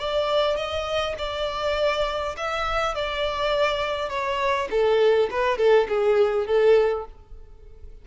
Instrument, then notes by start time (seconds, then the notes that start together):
violin
0.00 D5
0.57 D#5
1.19 D5
2.37 E5
2.95 D5
4.10 C#5
4.71 A4
5.31 B4
5.58 A4
5.89 G#4
6.47 A4